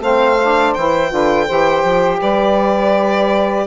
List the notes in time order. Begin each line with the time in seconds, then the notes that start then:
0.00 A3 C4 C5 F5
0.42 D4
0.74 E3 E4 G5
1.09 D3 F4 B4
1.46 E3 G4 C5
1.84 F3
2.21 G3 B4 D5